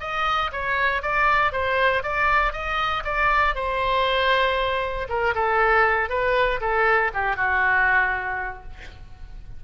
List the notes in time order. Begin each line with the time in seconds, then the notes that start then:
0.00 D#5
0.52 C#5
1.02 D5
1.52 C5
2.03 D5
2.52 D#5
3.04 D5
3.55 C5
5.08 A#4
5.34 A4
6.09 B4
6.60 A4
7.13 G4
7.36 F#4